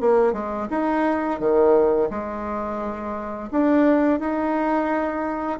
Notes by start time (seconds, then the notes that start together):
0.00 A#3
0.33 G#3
0.70 D#4
1.39 D#3
2.10 G#3
3.51 D4
4.20 D#4